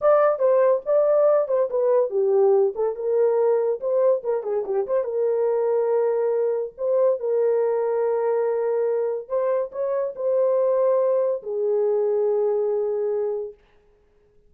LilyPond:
\new Staff \with { instrumentName = "horn" } { \time 4/4 \tempo 4 = 142 d''4 c''4 d''4. c''8 | b'4 g'4. a'8 ais'4~ | ais'4 c''4 ais'8 gis'8 g'8 c''8 | ais'1 |
c''4 ais'2.~ | ais'2 c''4 cis''4 | c''2. gis'4~ | gis'1 | }